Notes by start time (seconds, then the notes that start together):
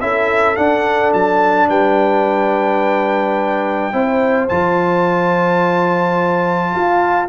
0.00 C#4 E4 A4 E5
0.56 D4 F#5
1.13 F#3 A5
1.68 G3 B4 G5
3.92 C4 E4 C5
4.48 F3 F4 A5
6.74 F4 F5